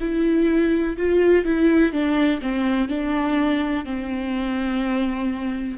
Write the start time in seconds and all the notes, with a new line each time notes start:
0.00 E4
0.97 F4
1.45 E4
1.92 D4
2.41 C4
2.89 D4
3.84 C4